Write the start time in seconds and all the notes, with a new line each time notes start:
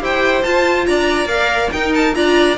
0.00 E4 G4 C5 G5
0.43 F4 A5
0.86 D4 D5 A#5
1.25 A#3 A#4 F5
1.70 D#4 A#4 G5
1.94 A5
2.14 D4 F4 D5 A#5